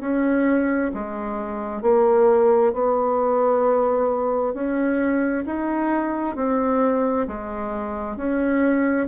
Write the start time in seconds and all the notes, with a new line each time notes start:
0.00 C#4
0.93 G#3
1.81 A#3
2.72 B3
4.53 C#4
5.45 D#4
6.36 C4
7.27 G#3
8.16 C#4